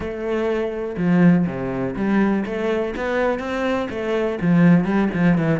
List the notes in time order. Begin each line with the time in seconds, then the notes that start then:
0.00 A3
0.97 F3
1.46 C3
1.96 G3
2.45 A3
2.96 B3
3.39 C4
3.90 A3
4.41 F3
4.84 G3
5.13 F3
5.37 E3